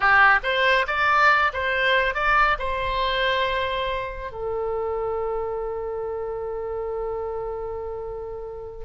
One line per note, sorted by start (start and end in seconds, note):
0.00 0.39 G4
0.43 0.86 C5
0.87 1.52 D5
1.53 2.14 C5
2.14 2.57 D5
2.59 4.31 C5
4.31 8.84 A4